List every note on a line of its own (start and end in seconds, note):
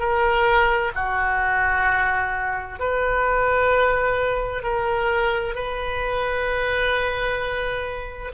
0.00 0.92 A#4
0.95 2.80 F#4
2.80 4.63 B4
4.63 5.56 A#4
5.56 8.32 B4